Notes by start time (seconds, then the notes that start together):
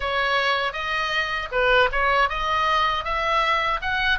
0.00 C#5
0.72 D#5
1.51 B4
1.92 C#5
2.29 D#5
3.04 E5
3.81 F#5